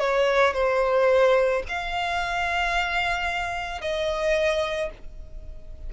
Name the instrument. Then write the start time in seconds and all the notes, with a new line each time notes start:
violin
0.00 C#5
0.54 C5
1.69 F5
3.81 D#5